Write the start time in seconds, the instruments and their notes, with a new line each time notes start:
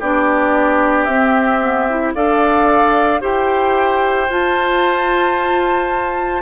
0.00 bassoon B3, clarinet D4, oboe G4, flute D5
1.05 bassoon C4, clarinet C4, flute E5
1.61 clarinet B3
1.90 clarinet E4
2.15 bassoon D4, clarinet A4, oboe D5, flute F5
3.21 bassoon E4, clarinet G4, oboe C5, flute G5
4.29 bassoon F4, clarinet F4, flute A5